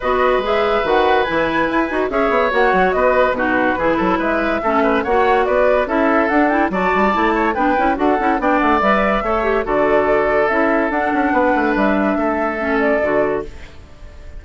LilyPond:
<<
  \new Staff \with { instrumentName = "flute" } { \time 4/4 \tempo 4 = 143 dis''4 e''4 fis''4 gis''4~ | gis''4 e''4 fis''4 dis''4 | b'2 e''2 | fis''4 d''4 e''4 fis''8 g''8 |
a''2 g''4 fis''4 | g''8 fis''8 e''2 d''4~ | d''4 e''4 fis''2 | e''2~ e''8 d''4. | }
  \new Staff \with { instrumentName = "oboe" } { \time 4/4 b'1~ | b'4 cis''2 b'4 | fis'4 gis'8 a'8 b'4 a'8 b'8 | cis''4 b'4 a'2 |
d''4. cis''8 b'4 a'4 | d''2 cis''4 a'4~ | a'2. b'4~ | b'4 a'2. | }
  \new Staff \with { instrumentName = "clarinet" } { \time 4/4 fis'4 gis'4 fis'4 e'4~ | e'8 fis'8 gis'4 fis'2 | dis'4 e'2 cis'4 | fis'2 e'4 d'8 e'8 |
fis'4 e'4 d'8 e'8 fis'8 e'8 | d'4 b'4 a'8 g'8 fis'4~ | fis'4 e'4 d'2~ | d'2 cis'4 fis'4 | }
  \new Staff \with { instrumentName = "bassoon" } { \time 4/4 b4 gis4 dis4 e4 | e'8 dis'8 cis'8 b8 ais8 fis8 b4 | b,4 e8 fis8 gis4 a4 | ais4 b4 cis'4 d'4 |
fis8 g8 a4 b8 cis'8 d'8 cis'8 | b8 a8 g4 a4 d4~ | d4 cis'4 d'8 cis'8 b8 a8 | g4 a2 d4 | }
>>